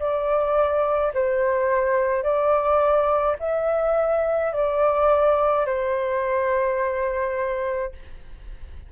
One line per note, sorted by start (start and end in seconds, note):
0.00 1.13 D5
1.14 2.23 C5
2.23 3.37 D5
3.40 4.53 E5
4.53 5.66 D5
5.66 7.92 C5